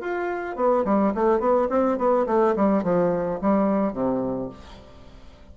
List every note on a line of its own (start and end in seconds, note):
0.00 0.56 F4
0.56 0.84 B3
0.84 1.13 G3
1.14 1.39 A3
1.39 1.67 B3
1.69 1.97 C4
1.97 2.26 B3
2.26 2.54 A3
2.56 2.83 G3
2.83 3.40 F3
3.41 3.92 G3
3.92 4.49 C3